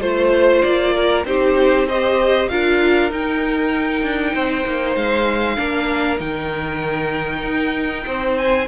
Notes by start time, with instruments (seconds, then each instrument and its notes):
0.00 cello A3, viola F4, violin C5
0.62 cello A#3, violin D5
0.95 violin A#4
1.24 cello C4, viola D#4, violin G4 C5
1.88 viola G4, violin C5 D#5
2.48 cello D4, viola F4, violin A#4 F5
3.10 viola D#4, cello D#4, violin G5
4.03 cello D4
4.33 cello C4, violin C5
4.65 cello A#3
4.95 cello G#3, violin F5
5.57 cello A#3, viola D4, violin A#4
6.18 cello D#3, viola D#4, violin G5
7.43 cello D#4
8.06 cello C4, violin C5
8.37 violin G#5